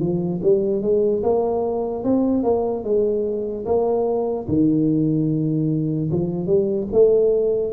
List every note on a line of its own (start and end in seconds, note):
0.00 0.41 F3
0.43 0.82 G3
0.82 1.23 G#3
1.23 2.04 A#3
2.04 2.43 C4
2.43 2.84 A#3
2.84 3.65 G#3
3.66 4.47 A#3
4.48 6.10 D#3
6.11 6.46 F3
6.46 6.87 G3
6.92 7.72 A3